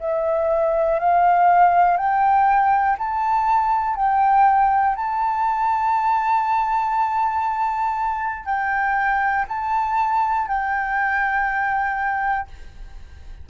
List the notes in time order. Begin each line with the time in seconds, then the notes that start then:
0.00 E5
0.99 F5
1.97 G5
2.98 A5
3.95 G5
4.95 A5
8.45 G5
9.48 A5
10.47 G5